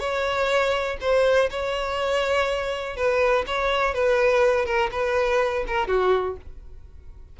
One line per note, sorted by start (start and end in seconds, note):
0.00 0.98 C#5
1.01 1.50 C5
1.51 2.96 C#5
2.96 3.45 B4
3.47 3.94 C#5
3.94 4.66 B4
4.66 4.90 A#4
4.92 5.65 B4
5.67 5.88 A#4
5.88 6.37 F#4